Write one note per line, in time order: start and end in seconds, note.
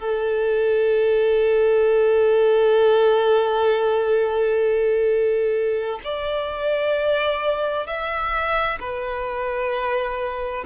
0.00 6.00 A4
6.05 7.87 D5
7.87 8.79 E5
8.80 10.65 B4